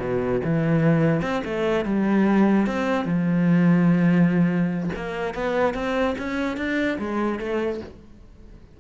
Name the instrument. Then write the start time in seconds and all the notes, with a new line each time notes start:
cello
0.00 B2
0.44 E3
1.22 C4
1.45 A3
1.85 G3
2.67 C4
3.05 F3
4.96 A#3
5.34 B3
5.75 C4
6.18 C#4
6.57 D4
6.99 G#3
7.39 A3